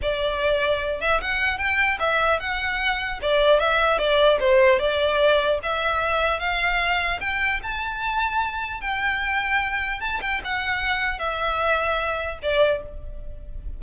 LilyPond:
\new Staff \with { instrumentName = "violin" } { \time 4/4 \tempo 4 = 150 d''2~ d''8 e''8 fis''4 | g''4 e''4 fis''2 | d''4 e''4 d''4 c''4 | d''2 e''2 |
f''2 g''4 a''4~ | a''2 g''2~ | g''4 a''8 g''8 fis''2 | e''2. d''4 | }